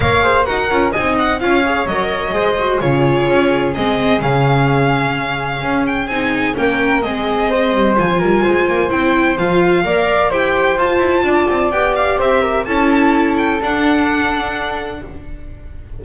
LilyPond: <<
  \new Staff \with { instrumentName = "violin" } { \time 4/4 \tempo 4 = 128 f''4 fis''4 gis''8 fis''8 f''4 | dis''2 cis''2 | dis''4 f''2.~ | f''8 g''8 gis''4 g''4 dis''4~ |
dis''4 gis''2 g''4 | f''2 g''4 a''4~ | a''4 g''8 f''8 e''4 a''4~ | a''8 g''8 fis''2. | }
  \new Staff \with { instrumentName = "flute" } { \time 4/4 cis''8 c''8 ais'4 dis''4 cis''4~ | cis''4 c''4 gis'2~ | gis'1~ | gis'2 ais'4 gis'4 |
c''4. ais'8 c''2~ | c''4 d''4 c''2 | d''2 c''8 ais'8 a'4~ | a'1 | }
  \new Staff \with { instrumentName = "viola" } { \time 4/4 ais'8 gis'8 fis'8 f'8 dis'4 f'8 gis'8 | ais'4 gis'8 fis'8 f'2 | c'4 cis'2.~ | cis'4 dis'4 cis'4 c'4~ |
c'4 f'2 e'4 | f'4 ais'4 g'4 f'4~ | f'4 g'2 e'4~ | e'4 d'2. | }
  \new Staff \with { instrumentName = "double bass" } { \time 4/4 ais4 dis'8 cis'8 c'4 cis'4 | fis4 gis4 cis4 cis'4 | gis4 cis2. | cis'4 c'4 ais4 gis4~ |
gis8 g8 f8 g8 gis8 ais8 c'4 | f4 ais4 e'4 f'8 e'8 | d'8 c'8 b4 c'4 cis'4~ | cis'4 d'2. | }
>>